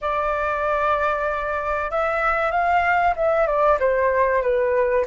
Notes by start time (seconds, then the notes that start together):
0.01 D5
1.91 E5
2.51 F5
3.16 E5
3.46 D5
3.79 C5
4.42 B4